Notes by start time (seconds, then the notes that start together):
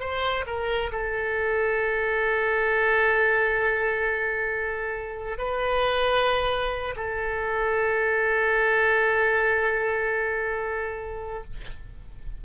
0.00 C5
0.46 A#4
0.91 A4
5.38 B4
6.96 A4